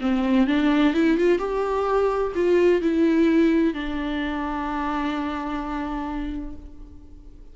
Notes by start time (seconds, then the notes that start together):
0.00 C4
0.46 D4
0.93 E4
1.17 F4
1.38 G4
2.35 F4
2.81 E4
3.74 D4